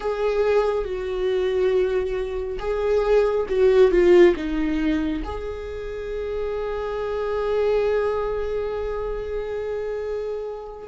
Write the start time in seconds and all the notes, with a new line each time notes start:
0.00 G#4
0.84 F#4
2.59 G#4
3.48 F#4
3.91 F4
4.36 D#4
5.24 G#4